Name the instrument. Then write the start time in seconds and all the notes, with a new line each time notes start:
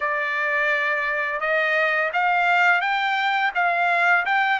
trumpet
0.00 D5
1.40 D#5
2.13 F5
2.81 G5
3.54 F5
4.25 G5